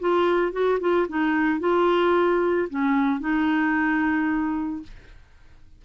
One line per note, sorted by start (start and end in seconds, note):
0.00 0.52 F4
0.52 0.79 F#4
0.80 1.07 F4
1.09 1.60 D#4
1.60 2.68 F4
2.70 3.20 C#4
3.20 4.83 D#4